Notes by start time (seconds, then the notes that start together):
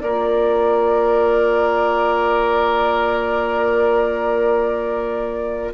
0.00 A#3 F4 A#4 D5